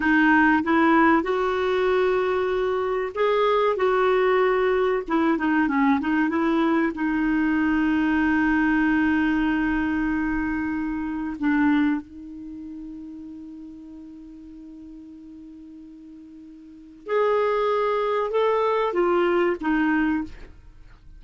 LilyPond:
\new Staff \with { instrumentName = "clarinet" } { \time 4/4 \tempo 4 = 95 dis'4 e'4 fis'2~ | fis'4 gis'4 fis'2 | e'8 dis'8 cis'8 dis'8 e'4 dis'4~ | dis'1~ |
dis'2 d'4 dis'4~ | dis'1~ | dis'2. gis'4~ | gis'4 a'4 f'4 dis'4 | }